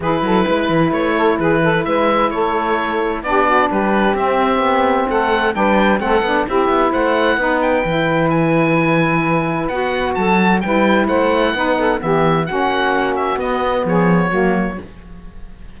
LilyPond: <<
  \new Staff \with { instrumentName = "oboe" } { \time 4/4 \tempo 4 = 130 b'2 cis''4 b'4 | e''4 cis''2 d''4 | b'4 e''2 fis''4 | g''4 fis''4 e''4 fis''4~ |
fis''8 g''4. gis''2~ | gis''4 fis''4 a''4 g''4 | fis''2 e''4 fis''4~ | fis''8 e''8 dis''4 cis''2 | }
  \new Staff \with { instrumentName = "saxophone" } { \time 4/4 gis'8 a'8 b'4. a'8 gis'8 a'8 | b'4 a'2 g'8 fis'8 | g'2. a'4 | b'4 a'4 g'4 c''4 |
b'1~ | b'2 a'4 b'4 | c''4 b'8 a'8 g'4 fis'4~ | fis'2 gis'4 fis'4 | }
  \new Staff \with { instrumentName = "saxophone" } { \time 4/4 e'1~ | e'2. d'4~ | d'4 c'2. | d'4 c'8 d'8 e'2 |
dis'4 e'2.~ | e'4 fis'2 e'4~ | e'4 dis'4 b4 cis'4~ | cis'4 b2 ais4 | }
  \new Staff \with { instrumentName = "cello" } { \time 4/4 e8 fis8 gis8 e8 a4 e4 | gis4 a2 b4 | g4 c'4 b4 a4 | g4 a8 b8 c'8 b8 a4 |
b4 e2.~ | e4 b4 fis4 g4 | a4 b4 e4 ais4~ | ais4 b4 f4 fis4 | }
>>